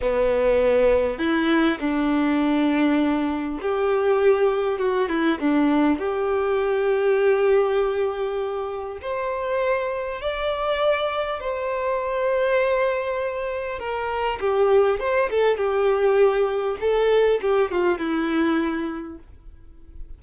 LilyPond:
\new Staff \with { instrumentName = "violin" } { \time 4/4 \tempo 4 = 100 b2 e'4 d'4~ | d'2 g'2 | fis'8 e'8 d'4 g'2~ | g'2. c''4~ |
c''4 d''2 c''4~ | c''2. ais'4 | g'4 c''8 a'8 g'2 | a'4 g'8 f'8 e'2 | }